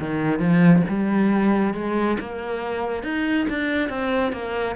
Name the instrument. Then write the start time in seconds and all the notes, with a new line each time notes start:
cello
0.00 D#3
0.40 F3
0.89 G3
1.75 G#3
2.20 A#3
3.04 D#4
3.50 D4
3.90 C4
4.33 A#3